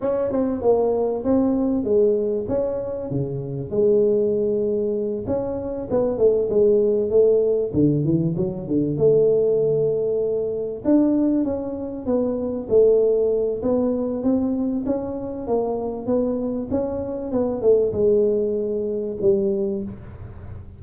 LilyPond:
\new Staff \with { instrumentName = "tuba" } { \time 4/4 \tempo 4 = 97 cis'8 c'8 ais4 c'4 gis4 | cis'4 cis4 gis2~ | gis8 cis'4 b8 a8 gis4 a8~ | a8 d8 e8 fis8 d8 a4.~ |
a4. d'4 cis'4 b8~ | b8 a4. b4 c'4 | cis'4 ais4 b4 cis'4 | b8 a8 gis2 g4 | }